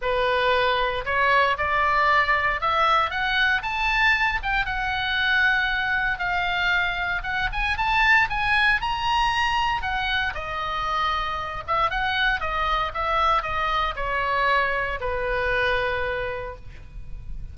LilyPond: \new Staff \with { instrumentName = "oboe" } { \time 4/4 \tempo 4 = 116 b'2 cis''4 d''4~ | d''4 e''4 fis''4 a''4~ | a''8 g''8 fis''2. | f''2 fis''8 gis''8 a''4 |
gis''4 ais''2 fis''4 | dis''2~ dis''8 e''8 fis''4 | dis''4 e''4 dis''4 cis''4~ | cis''4 b'2. | }